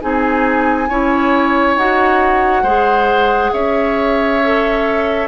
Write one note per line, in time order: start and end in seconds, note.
0.00 0.89 C4
0.00 0.88 D#4
0.00 0.89 G#4
0.00 1.77 G#5
0.89 1.76 C#4
0.89 1.78 E4
0.89 2.62 C#5
1.76 2.62 D#4
1.76 2.65 F#4
1.76 3.52 F#5
2.62 3.51 G#3
2.62 4.42 G#4
2.62 3.51 C5
3.52 5.27 C#4
3.52 5.27 C#5
3.52 5.27 E5
4.43 5.27 A4